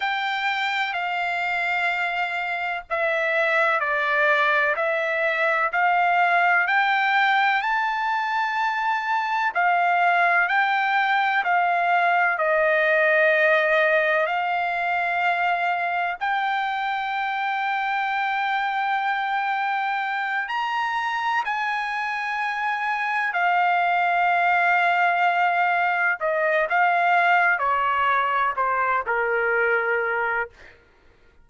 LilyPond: \new Staff \with { instrumentName = "trumpet" } { \time 4/4 \tempo 4 = 63 g''4 f''2 e''4 | d''4 e''4 f''4 g''4 | a''2 f''4 g''4 | f''4 dis''2 f''4~ |
f''4 g''2.~ | g''4. ais''4 gis''4.~ | gis''8 f''2. dis''8 | f''4 cis''4 c''8 ais'4. | }